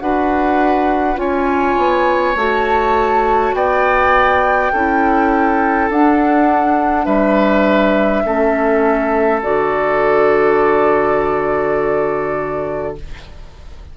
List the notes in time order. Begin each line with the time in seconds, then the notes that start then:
0.00 D4 F#4 B4 F#5
1.16 C#4 F4 C#5 G#5
1.78 B3
2.35 A3 F#4 A5
3.53 B3 D5 G5
4.73 C#4 E4 A4
5.90 D4 F#5
7.05 G3 B4 E5
8.25 A3 C#4 A4
9.42 D3 F#4 D5